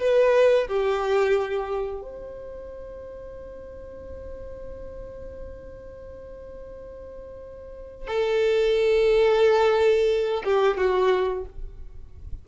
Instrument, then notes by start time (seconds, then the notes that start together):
violin
0.00 B4
0.68 G4
2.02 C5
8.08 A4
10.44 G4
10.78 F#4